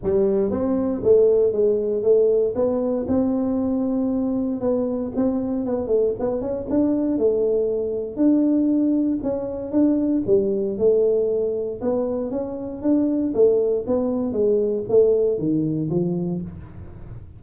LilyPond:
\new Staff \with { instrumentName = "tuba" } { \time 4/4 \tempo 4 = 117 g4 c'4 a4 gis4 | a4 b4 c'2~ | c'4 b4 c'4 b8 a8 | b8 cis'8 d'4 a2 |
d'2 cis'4 d'4 | g4 a2 b4 | cis'4 d'4 a4 b4 | gis4 a4 dis4 f4 | }